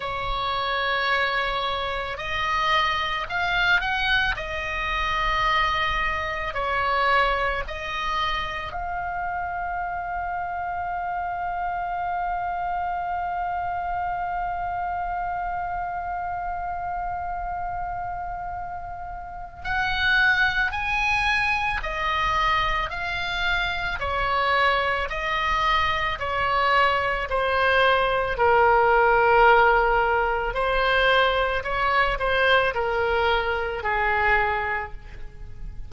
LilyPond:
\new Staff \with { instrumentName = "oboe" } { \time 4/4 \tempo 4 = 55 cis''2 dis''4 f''8 fis''8 | dis''2 cis''4 dis''4 | f''1~ | f''1~ |
f''2 fis''4 gis''4 | dis''4 f''4 cis''4 dis''4 | cis''4 c''4 ais'2 | c''4 cis''8 c''8 ais'4 gis'4 | }